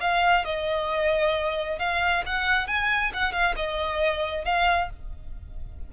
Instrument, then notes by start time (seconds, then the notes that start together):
violin
0.00 F5
0.45 D#5
1.78 F5
2.26 F#5
2.67 G#5
3.13 F#5
3.32 F5
3.56 D#5
4.45 F5